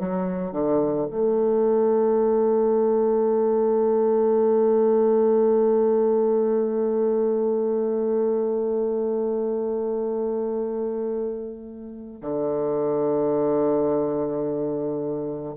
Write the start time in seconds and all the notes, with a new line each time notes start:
0.00 F#3
0.53 D3
1.11 A3
12.22 D3